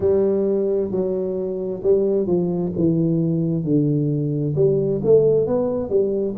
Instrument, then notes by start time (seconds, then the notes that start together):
tuba
0.00 G3
0.91 F#3
1.83 G3
2.26 F3
2.76 E3
3.64 D3
4.55 G3
5.04 A3
5.46 B3
5.89 G3